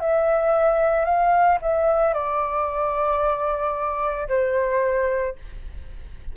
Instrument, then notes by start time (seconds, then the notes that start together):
flute
0.00 E5
1.04 F5
1.62 E5
2.13 D5
4.28 C5